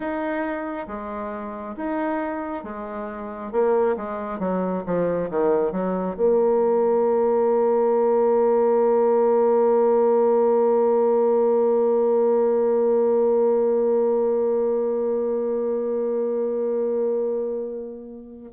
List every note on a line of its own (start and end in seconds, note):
0.00 0.86 D#4
0.87 1.75 G#3
1.76 2.63 D#4
2.63 3.51 G#3
3.52 3.96 A#3
3.96 4.39 G#3
4.39 4.83 F#3
4.86 5.30 F3
5.30 5.72 D#3
5.72 6.16 F#3
6.16 18.52 A#3